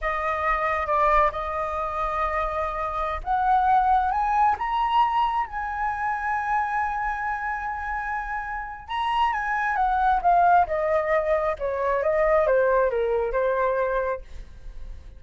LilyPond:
\new Staff \with { instrumentName = "flute" } { \time 4/4 \tempo 4 = 135 dis''2 d''4 dis''4~ | dis''2.~ dis''16 fis''8.~ | fis''4~ fis''16 gis''4 ais''4.~ ais''16~ | ais''16 gis''2.~ gis''8.~ |
gis''1 | ais''4 gis''4 fis''4 f''4 | dis''2 cis''4 dis''4 | c''4 ais'4 c''2 | }